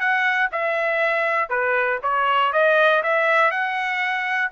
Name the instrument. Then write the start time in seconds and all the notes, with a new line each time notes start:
trumpet
0.00 F#5
0.52 E5
1.50 B4
2.03 C#5
2.53 D#5
3.03 E5
3.51 F#5